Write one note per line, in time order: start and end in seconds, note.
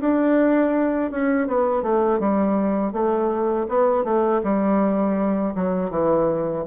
0.00 1.11 D4
1.11 1.47 C#4
1.47 1.82 B3
1.82 2.19 A3
2.19 2.93 G3
2.93 3.67 A3
3.68 4.04 B3
4.04 4.41 A3
4.43 5.54 G3
5.55 5.90 F#3
5.90 6.64 E3